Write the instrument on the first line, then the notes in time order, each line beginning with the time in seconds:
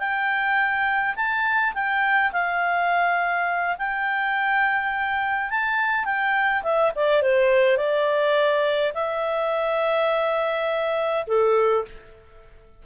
clarinet
0.00 G5
1.16 A5
1.75 G5
2.33 F5
3.79 G5
5.51 A5
6.06 G5
6.63 E5
6.96 D5
7.22 C5
7.78 D5
8.95 E5
11.28 A4